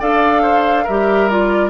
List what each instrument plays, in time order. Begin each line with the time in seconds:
0.00 bassoon D4, clarinet A4, oboe D5, flute F5
0.42 oboe C5
0.84 bassoon G3, clarinet G4, oboe A#4, flute E5
1.29 clarinet F4, flute D5